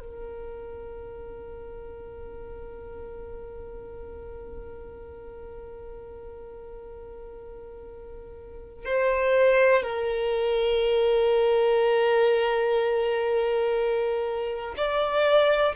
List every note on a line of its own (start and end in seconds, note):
0.00 8.85 A#4
8.85 9.83 C5
9.83 14.75 A#4
14.77 15.75 D5